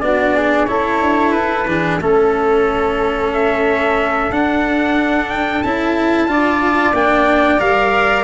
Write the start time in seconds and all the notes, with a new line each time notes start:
0.00 B3 D4 F#4 D5
0.36 G#4
0.66 C#4 E4 A4 C#5
1.02 D4
1.32 E4 B4
1.66 E3 D4 G#4
2.01 A3 C#4 A4
3.33 E5
4.30 D4 F#5
5.30 G5
5.62 C#4 E4 A5
6.27 D4 F4 D5
6.94 A#3 D4 G5
7.59 G3 A#4 F5